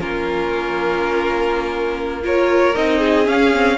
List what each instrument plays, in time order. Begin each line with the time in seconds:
0.00 cello A#3, viola C#4, violin F4 A#4
2.22 viola F4, violin A#4 C#5
2.75 cello C4, viola D#4, violin D#5
2.99 violin G#4
3.24 viola C#4, cello C#4, violin F5
3.54 viola C4